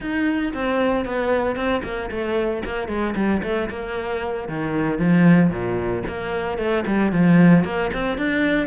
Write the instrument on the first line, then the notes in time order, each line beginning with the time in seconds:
cello
0.00 D#4
0.53 C4
1.05 B3
1.56 C4
1.83 A#3
2.10 A3
2.64 A#3
2.88 G#3
3.15 G3
3.43 A3
3.69 A#3
4.48 D#3
4.99 F3
5.50 A#2
6.07 A#3
6.58 A3
6.86 G3
7.11 F3
7.64 A#3
7.93 C4
8.17 D4